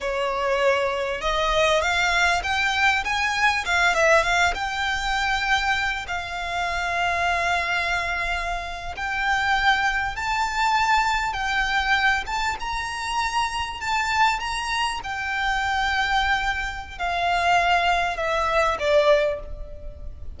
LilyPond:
\new Staff \with { instrumentName = "violin" } { \time 4/4 \tempo 4 = 99 cis''2 dis''4 f''4 | g''4 gis''4 f''8 e''8 f''8 g''8~ | g''2 f''2~ | f''2~ f''8. g''4~ g''16~ |
g''8. a''2 g''4~ g''16~ | g''16 a''8 ais''2 a''4 ais''16~ | ais''8. g''2.~ g''16 | f''2 e''4 d''4 | }